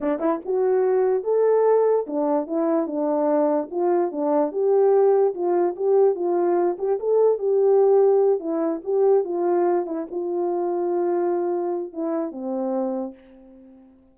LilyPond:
\new Staff \with { instrumentName = "horn" } { \time 4/4 \tempo 4 = 146 d'8 e'8 fis'2 a'4~ | a'4 d'4 e'4 d'4~ | d'4 f'4 d'4 g'4~ | g'4 f'4 g'4 f'4~ |
f'8 g'8 a'4 g'2~ | g'8 e'4 g'4 f'4. | e'8 f'2.~ f'8~ | f'4 e'4 c'2 | }